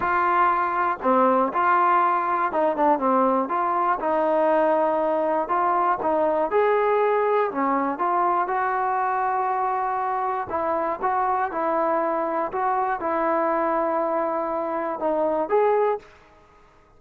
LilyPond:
\new Staff \with { instrumentName = "trombone" } { \time 4/4 \tempo 4 = 120 f'2 c'4 f'4~ | f'4 dis'8 d'8 c'4 f'4 | dis'2. f'4 | dis'4 gis'2 cis'4 |
f'4 fis'2.~ | fis'4 e'4 fis'4 e'4~ | e'4 fis'4 e'2~ | e'2 dis'4 gis'4 | }